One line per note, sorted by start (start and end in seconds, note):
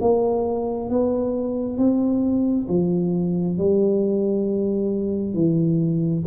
0.00 0.89 A#3
0.89 1.77 B3
1.77 2.67 C4
2.68 3.57 F3
3.57 5.34 G3
5.34 6.23 E3